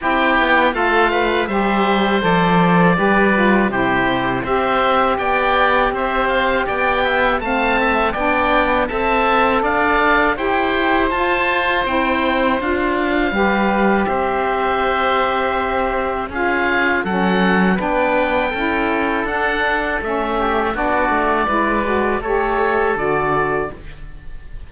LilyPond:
<<
  \new Staff \with { instrumentName = "oboe" } { \time 4/4 \tempo 4 = 81 g''4 f''4 e''4 d''4~ | d''4 c''4 e''4 g''4 | e''8 f''8 g''4 a''4 g''4 | a''4 f''4 g''4 a''4 |
g''4 f''2 e''4~ | e''2 f''4 fis''4 | g''2 fis''4 e''4 | d''2 cis''4 d''4 | }
  \new Staff \with { instrumentName = "oboe" } { \time 4/4 g'4 a'8 b'8 c''2 | b'4 g'4 c''4 d''4 | c''4 d''8 e''8 f''8 e''8 d''4 | e''4 d''4 c''2~ |
c''2 b'4 c''4~ | c''2 gis'4 a'4 | b'4 a'2~ a'8 g'8 | fis'4 b'4 a'2 | }
  \new Staff \with { instrumentName = "saxophone" } { \time 4/4 e'4 f'4 g'4 a'4 | g'8 f'8 e'4 g'2~ | g'2 c'4 d'4 | a'2 g'4 f'4 |
e'4 f'4 g'2~ | g'2 f'4 cis'4 | d'4 e'4 d'4 cis'4 | d'4 e'8 fis'8 g'4 fis'4 | }
  \new Staff \with { instrumentName = "cello" } { \time 4/4 c'8 b8 a4 g4 f4 | g4 c4 c'4 b4 | c'4 b4 a4 b4 | c'4 d'4 e'4 f'4 |
c'4 d'4 g4 c'4~ | c'2 cis'4 fis4 | b4 cis'4 d'4 a4 | b8 a8 gis4 a4 d4 | }
>>